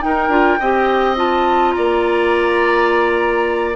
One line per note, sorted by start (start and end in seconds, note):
0.00 0.29 D#4
0.00 0.28 D#4
0.00 0.59 A#4
0.00 1.16 G5
0.28 0.57 D4
0.28 0.58 F4
0.59 1.75 C4
0.59 1.16 G4
0.59 1.75 D#5
1.16 3.76 F4
1.16 1.72 A5
1.72 3.76 A#3
1.72 3.76 D5
1.72 3.74 A#5